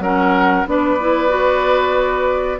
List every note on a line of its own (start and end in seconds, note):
0.00 0.65 F#3
0.00 0.66 C#4
0.00 0.67 A#4
0.00 0.67 F#5
0.66 2.60 B3
0.66 0.99 D4
0.66 2.60 B4
0.66 2.60 D5
1.00 1.29 E4
1.29 2.58 F#4